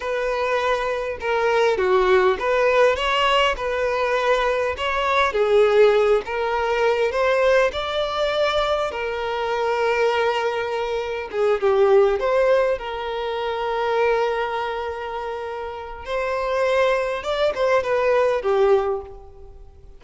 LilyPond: \new Staff \with { instrumentName = "violin" } { \time 4/4 \tempo 4 = 101 b'2 ais'4 fis'4 | b'4 cis''4 b'2 | cis''4 gis'4. ais'4. | c''4 d''2 ais'4~ |
ais'2. gis'8 g'8~ | g'8 c''4 ais'2~ ais'8~ | ais'2. c''4~ | c''4 d''8 c''8 b'4 g'4 | }